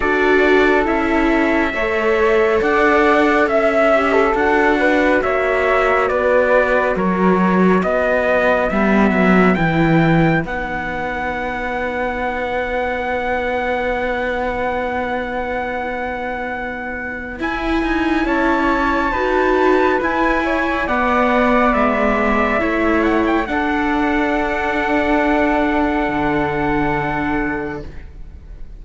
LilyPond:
<<
  \new Staff \with { instrumentName = "trumpet" } { \time 4/4 \tempo 4 = 69 d''4 e''2 fis''4 | e''4 fis''4 e''4 d''4 | cis''4 dis''4 e''4 g''4 | fis''1~ |
fis''1 | gis''4 a''2 gis''4 | fis''4 e''4. fis''16 g''16 fis''4~ | fis''1 | }
  \new Staff \with { instrumentName = "flute" } { \time 4/4 a'2 cis''4 d''4 | e''8. a'8. b'8 cis''4 b'4 | ais'4 b'2.~ | b'1~ |
b'1~ | b'4 cis''4 b'4. cis''8 | d''2 cis''4 a'4~ | a'1 | }
  \new Staff \with { instrumentName = "viola" } { \time 4/4 fis'4 e'4 a'2~ | a'8 g'8 fis'2.~ | fis'2 b4 e'4 | dis'1~ |
dis'1 | e'2 fis'4 e'4 | b2 e'4 d'4~ | d'1 | }
  \new Staff \with { instrumentName = "cello" } { \time 4/4 d'4 cis'4 a4 d'4 | cis'4 d'4 ais4 b4 | fis4 b4 g8 fis8 e4 | b1~ |
b1 | e'8 dis'8 cis'4 dis'4 e'4 | b4 gis4 a4 d'4~ | d'2 d2 | }
>>